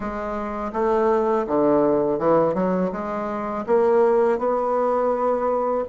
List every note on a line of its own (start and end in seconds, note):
0.00 0.72 G#3
0.73 1.46 A3
1.47 2.19 D3
2.19 2.54 E3
2.54 2.91 F#3
2.92 3.65 G#3
3.66 4.38 A#3
4.38 5.84 B3